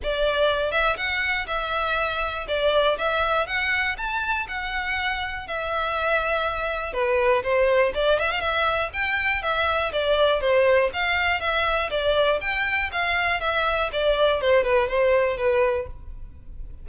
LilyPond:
\new Staff \with { instrumentName = "violin" } { \time 4/4 \tempo 4 = 121 d''4. e''8 fis''4 e''4~ | e''4 d''4 e''4 fis''4 | a''4 fis''2 e''4~ | e''2 b'4 c''4 |
d''8 e''16 f''16 e''4 g''4 e''4 | d''4 c''4 f''4 e''4 | d''4 g''4 f''4 e''4 | d''4 c''8 b'8 c''4 b'4 | }